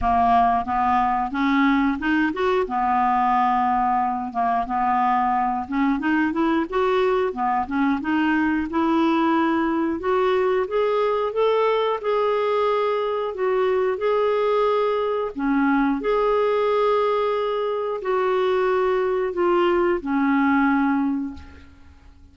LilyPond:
\new Staff \with { instrumentName = "clarinet" } { \time 4/4 \tempo 4 = 90 ais4 b4 cis'4 dis'8 fis'8 | b2~ b8 ais8 b4~ | b8 cis'8 dis'8 e'8 fis'4 b8 cis'8 | dis'4 e'2 fis'4 |
gis'4 a'4 gis'2 | fis'4 gis'2 cis'4 | gis'2. fis'4~ | fis'4 f'4 cis'2 | }